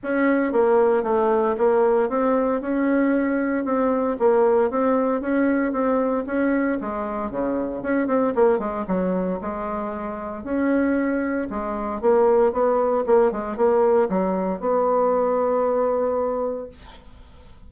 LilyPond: \new Staff \with { instrumentName = "bassoon" } { \time 4/4 \tempo 4 = 115 cis'4 ais4 a4 ais4 | c'4 cis'2 c'4 | ais4 c'4 cis'4 c'4 | cis'4 gis4 cis4 cis'8 c'8 |
ais8 gis8 fis4 gis2 | cis'2 gis4 ais4 | b4 ais8 gis8 ais4 fis4 | b1 | }